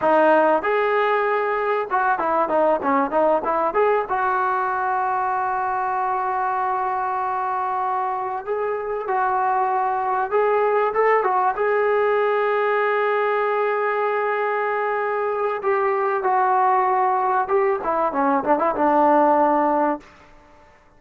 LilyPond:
\new Staff \with { instrumentName = "trombone" } { \time 4/4 \tempo 4 = 96 dis'4 gis'2 fis'8 e'8 | dis'8 cis'8 dis'8 e'8 gis'8 fis'4.~ | fis'1~ | fis'4. gis'4 fis'4.~ |
fis'8 gis'4 a'8 fis'8 gis'4.~ | gis'1~ | gis'4 g'4 fis'2 | g'8 e'8 cis'8 d'16 e'16 d'2 | }